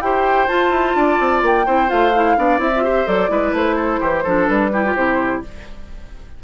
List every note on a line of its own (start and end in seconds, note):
0.00 0.47 E4
0.00 0.47 G4
0.00 0.97 C5
0.00 0.47 G5
0.47 1.65 F4
0.47 0.70 F4
0.47 1.41 A5
0.70 0.93 E4
0.95 1.19 D4
0.95 1.65 D5
1.19 1.42 C4
1.42 1.65 A#3
1.42 1.89 G5
1.65 1.90 C4
1.65 1.87 E4
1.65 2.36 C5
1.87 2.36 A3
1.87 2.11 F4
1.87 2.60 F5
2.14 2.37 E4
2.36 2.58 B3
2.36 2.58 D4
2.36 2.83 D5
2.58 3.05 C4
2.58 2.70 E4
2.58 3.07 E5
2.75 2.83 F4
2.83 3.06 G4
2.83 3.30 C5
3.06 3.29 F#3
3.06 3.28 A4
3.06 3.54 D5
3.28 3.52 G#3
3.28 4.22 E4
3.28 3.75 B4
3.52 3.99 A3
3.52 4.47 C5
3.75 3.99 A4
4.00 4.25 E3
4.00 4.23 G4
4.23 4.49 F3
4.23 4.72 D4
4.23 4.70 A4
4.47 4.95 G3
4.47 4.94 B4
4.72 4.84 E4
4.72 5.42 G4
4.85 4.96 F4
4.95 5.42 C3
4.95 5.43 E4
4.95 5.42 C5